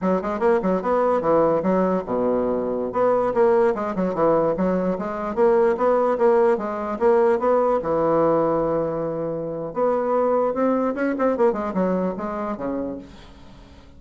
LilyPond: \new Staff \with { instrumentName = "bassoon" } { \time 4/4 \tempo 4 = 148 fis8 gis8 ais8 fis8 b4 e4 | fis4 b,2~ b,16 b8.~ | b16 ais4 gis8 fis8 e4 fis8.~ | fis16 gis4 ais4 b4 ais8.~ |
ais16 gis4 ais4 b4 e8.~ | e1 | b2 c'4 cis'8 c'8 | ais8 gis8 fis4 gis4 cis4 | }